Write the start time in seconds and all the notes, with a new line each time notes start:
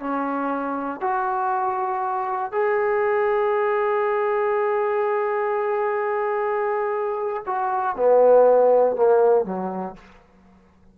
0.00 C#4
1.01 F#4
2.52 G#4
7.46 F#4
7.96 B3
8.96 A#3
9.45 F#3